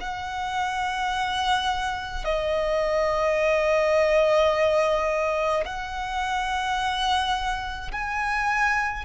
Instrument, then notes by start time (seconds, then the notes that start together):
violin
0.00 F#5
2.24 D#5
5.64 F#5
7.91 G#5